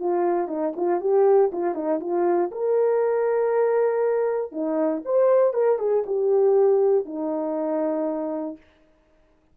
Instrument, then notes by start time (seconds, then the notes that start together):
horn
0.00 F4
0.48 D#4
0.77 F4
1.01 G4
1.53 F4
1.75 D#4
2.01 F4
2.52 A#4
4.52 D#4
5.06 C5
5.54 A#4
5.79 G#4
6.07 G4
7.06 D#4